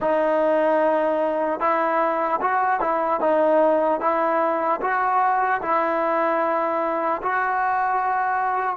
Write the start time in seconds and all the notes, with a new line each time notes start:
0.00 D#4
1.60 E4
2.41 F#4
2.80 E4
3.20 D#4
4.00 E4
4.81 F#4
5.61 E4
7.22 F#4